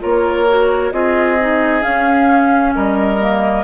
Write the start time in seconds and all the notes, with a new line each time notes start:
0.00 A#3 F4 A#4 C#5
0.48 F#4
0.92 C4 F4 G#4 D#5
1.40 D#4
1.81 C#4 F5
2.74 G3 A#4 D#5
3.20 A#3